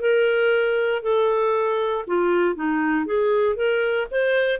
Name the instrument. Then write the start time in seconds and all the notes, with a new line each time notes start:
clarinet
0.00 A#4
1.03 A4
2.07 F4
2.55 D#4
3.06 G#4
3.56 A#4
4.11 C5